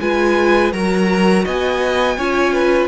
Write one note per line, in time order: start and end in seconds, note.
0.00 0.73 G#3
0.00 0.73 F4
0.00 0.73 B4
0.00 0.72 G#5
0.72 1.45 F#3
0.72 2.18 F#4
0.72 1.45 A#4
0.72 1.45 A#5
1.45 2.17 B3
1.45 2.17 D#5
1.45 2.88 G#5
2.17 2.88 C#4
2.17 2.88 F4
2.17 2.53 C#5
2.53 2.88 B4